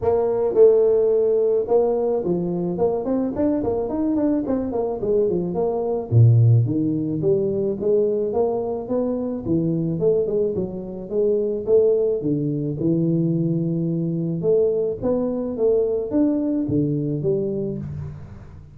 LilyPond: \new Staff \with { instrumentName = "tuba" } { \time 4/4 \tempo 4 = 108 ais4 a2 ais4 | f4 ais8 c'8 d'8 ais8 dis'8 d'8 | c'8 ais8 gis8 f8 ais4 ais,4 | dis4 g4 gis4 ais4 |
b4 e4 a8 gis8 fis4 | gis4 a4 d4 e4~ | e2 a4 b4 | a4 d'4 d4 g4 | }